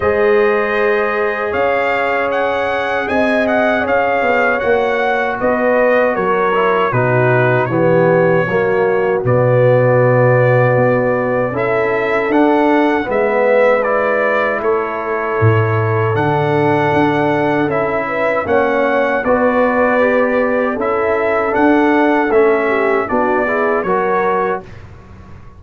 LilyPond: <<
  \new Staff \with { instrumentName = "trumpet" } { \time 4/4 \tempo 4 = 78 dis''2 f''4 fis''4 | gis''8 fis''8 f''4 fis''4 dis''4 | cis''4 b'4 cis''2 | d''2. e''4 |
fis''4 e''4 d''4 cis''4~ | cis''4 fis''2 e''4 | fis''4 d''2 e''4 | fis''4 e''4 d''4 cis''4 | }
  \new Staff \with { instrumentName = "horn" } { \time 4/4 c''2 cis''2 | dis''4 cis''2 b'4 | ais'4 fis'4 g'4 fis'4~ | fis'2. a'4~ |
a'4 b'2 a'4~ | a'2.~ a'8 b'8 | cis''4 b'2 a'4~ | a'4. g'8 fis'8 gis'8 ais'4 | }
  \new Staff \with { instrumentName = "trombone" } { \time 4/4 gis'1~ | gis'2 fis'2~ | fis'8 e'8 dis'4 b4 ais4 | b2. e'4 |
d'4 b4 e'2~ | e'4 d'2 e'4 | cis'4 fis'4 g'4 e'4 | d'4 cis'4 d'8 e'8 fis'4 | }
  \new Staff \with { instrumentName = "tuba" } { \time 4/4 gis2 cis'2 | c'4 cis'8 b8 ais4 b4 | fis4 b,4 e4 fis4 | b,2 b4 cis'4 |
d'4 gis2 a4 | a,4 d4 d'4 cis'4 | ais4 b2 cis'4 | d'4 a4 b4 fis4 | }
>>